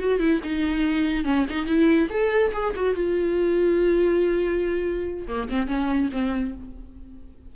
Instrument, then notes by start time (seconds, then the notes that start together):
viola
0.00 F#4
0.20 E4
0.44 D#4
1.25 C#4
1.50 D#4
1.66 E4
2.10 A4
2.53 G#4
2.76 F#4
2.95 F4
5.28 A#3
5.49 C4
5.68 C#4
6.12 C4